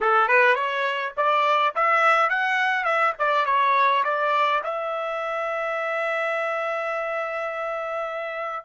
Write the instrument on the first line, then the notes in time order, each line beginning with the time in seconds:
trumpet
0.00 A4
0.28 B4
0.55 C#5
1.16 D5
1.75 E5
2.29 F#5
2.84 E5
3.18 D5
3.45 C#5
4.04 D5
4.63 E5